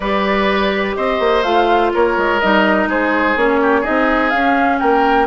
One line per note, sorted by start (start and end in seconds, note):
0.00 0.96 G3
0.00 1.44 G4
0.00 0.96 B4
0.00 0.94 D5
0.95 1.19 C4
0.95 1.92 C5
0.95 1.42 D#5
1.19 1.43 A#3
1.42 1.91 A3
1.42 2.40 F4
1.42 1.90 F5
1.93 2.17 A#3
1.93 2.88 A#4
1.93 2.40 C#5
2.17 2.41 G#3
2.40 2.87 G3
2.40 3.37 D#4
2.40 2.88 D#5
2.87 3.35 G#3
2.87 3.60 G#4
2.87 3.37 C5
3.36 3.84 A#3
3.36 3.83 C#4
3.36 3.84 C#5
3.62 3.80 G4
3.80 4.31 D#4
3.80 4.76 G#4
3.80 4.30 D#5
3.88 4.32 C4
4.30 4.80 C#4
4.30 4.78 F5
4.37 5.26 C#4
4.79 5.26 A#3
4.79 5.26 A#4
4.79 5.26 G5